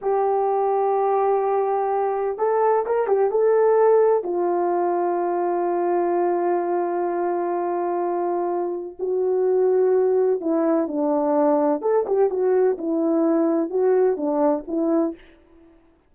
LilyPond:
\new Staff \with { instrumentName = "horn" } { \time 4/4 \tempo 4 = 127 g'1~ | g'4 a'4 ais'8 g'8 a'4~ | a'4 f'2.~ | f'1~ |
f'2. fis'4~ | fis'2 e'4 d'4~ | d'4 a'8 g'8 fis'4 e'4~ | e'4 fis'4 d'4 e'4 | }